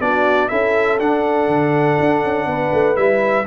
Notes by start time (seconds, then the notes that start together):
0.00 B3 D4 F#4 D5
0.49 C#4 E4 A4 E5
0.99 D4 F#5
1.48 D3
1.99 D4
2.24 C#4
2.46 B3 B4
2.73 A3
2.95 G3 E4 E5